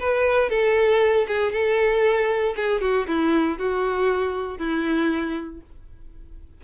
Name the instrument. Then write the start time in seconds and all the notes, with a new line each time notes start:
violin
0.00 B4
0.50 A4
1.28 G#4
1.52 A4
2.56 G#4
2.81 F#4
3.07 E4
3.59 F#4
4.58 E4